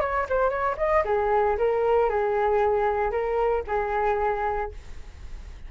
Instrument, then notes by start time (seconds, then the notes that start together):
flute
0.00 C#5
0.29 C5
0.49 C#5
0.77 D#5
1.05 G#4
1.57 A#4
2.09 G#4
3.11 A#4
3.67 G#4